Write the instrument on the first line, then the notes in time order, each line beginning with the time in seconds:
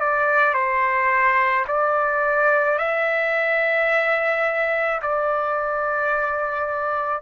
trumpet
0.00 D5
0.54 C5
1.68 D5
2.79 E5
5.02 D5